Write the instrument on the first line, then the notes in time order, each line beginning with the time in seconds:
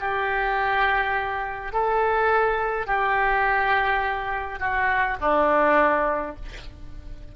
oboe
0.00 G4
1.73 A4
2.87 G4
4.60 F#4
5.21 D4